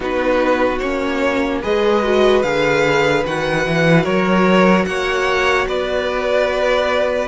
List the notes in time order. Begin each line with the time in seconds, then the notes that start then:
0.00 B3 D#4 F#4 B4
0.78 A#3 C#4 C#5
1.61 G#3 G#4 B4 D#5
2.02 F#4
2.42 D3 G#4 F5
3.26 D#3 F#4 F#5
3.65 E3
4.03 F#3 A#4 C#5
4.85 A#3 C#5 F#5
5.66 B3 B4 D5